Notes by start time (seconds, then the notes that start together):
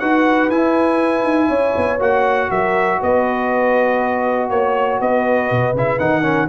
0.00 D#4 F#4 B4 F#5
0.50 E4 G#5
1.24 D#4
1.49 C#4 C#5
1.77 B3
2.00 A#3 F#4 F#5
2.49 F#3 A#4 E5
3.00 B3 B4 D#5
4.50 A#3 C#5
5.01 B3 B4 D#5
5.51 B2
5.74 C#3 E4 E5
5.99 D#3 D#4 F#5
6.23 C#4 A#4